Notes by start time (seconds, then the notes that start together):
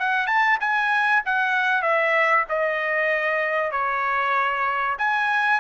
0.00 F#5
0.27 A5
0.61 G#5
1.26 F#5
1.83 E5
2.49 D#5
3.72 C#5
4.99 G#5